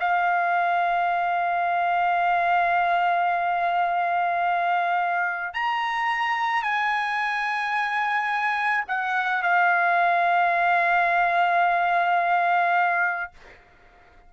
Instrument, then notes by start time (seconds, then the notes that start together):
trumpet
0.00 F5
5.54 A#5
6.63 G#5
8.88 F#5
9.43 F5